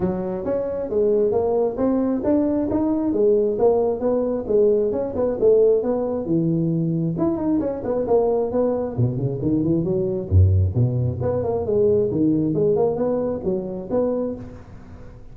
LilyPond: \new Staff \with { instrumentName = "tuba" } { \time 4/4 \tempo 4 = 134 fis4 cis'4 gis4 ais4 | c'4 d'4 dis'4 gis4 | ais4 b4 gis4 cis'8 b8 | a4 b4 e2 |
e'8 dis'8 cis'8 b8 ais4 b4 | b,8 cis8 dis8 e8 fis4 fis,4 | b,4 b8 ais8 gis4 dis4 | gis8 ais8 b4 fis4 b4 | }